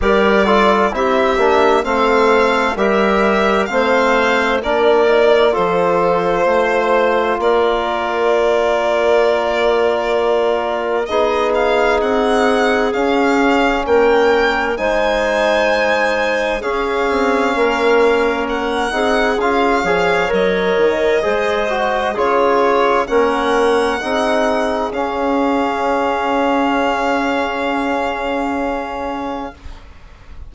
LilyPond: <<
  \new Staff \with { instrumentName = "violin" } { \time 4/4 \tempo 4 = 65 d''4 e''4 f''4 e''4 | f''4 d''4 c''2 | d''1 | dis''8 f''8 fis''4 f''4 g''4 |
gis''2 f''2 | fis''4 f''4 dis''2 | cis''4 fis''2 f''4~ | f''1 | }
  \new Staff \with { instrumentName = "clarinet" } { \time 4/4 ais'8 a'8 g'4 a'4 ais'4 | c''4 ais'4 a'4 c''4 | ais'1 | gis'2. ais'4 |
c''2 gis'4 ais'4~ | ais'8 gis'4 cis''4. c''4 | gis'4 ais'4 gis'2~ | gis'1 | }
  \new Staff \with { instrumentName = "trombone" } { \time 4/4 g'8 f'8 e'8 d'8 c'4 g'4 | c'4 d'8 dis'8 f'2~ | f'1 | dis'2 cis'2 |
dis'2 cis'2~ | cis'8 dis'8 f'8 gis'8 ais'4 gis'8 fis'8 | f'4 cis'4 dis'4 cis'4~ | cis'1 | }
  \new Staff \with { instrumentName = "bassoon" } { \time 4/4 g4 c'8 ais8 a4 g4 | a4 ais4 f4 a4 | ais1 | b4 c'4 cis'4 ais4 |
gis2 cis'8 c'8 ais4~ | ais8 c'8 cis'8 f8 fis8 dis8 gis4 | cis4 ais4 c'4 cis'4~ | cis'1 | }
>>